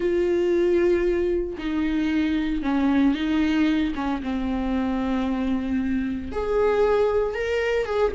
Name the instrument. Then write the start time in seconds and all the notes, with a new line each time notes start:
viola
0.00 F4
1.58 D#4
2.62 C#4
3.14 D#4
3.95 C#4
4.22 C4
6.32 G#4
7.34 A#4
7.85 G#4